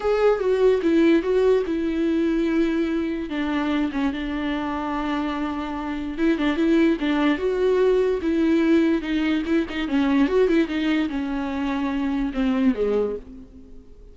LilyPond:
\new Staff \with { instrumentName = "viola" } { \time 4/4 \tempo 4 = 146 gis'4 fis'4 e'4 fis'4 | e'1 | d'4. cis'8 d'2~ | d'2. e'8 d'8 |
e'4 d'4 fis'2 | e'2 dis'4 e'8 dis'8 | cis'4 fis'8 e'8 dis'4 cis'4~ | cis'2 c'4 gis4 | }